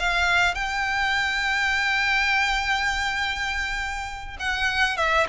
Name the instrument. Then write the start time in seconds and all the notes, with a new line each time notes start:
violin
0.00 F5
0.55 G5
4.40 F#5
4.98 E5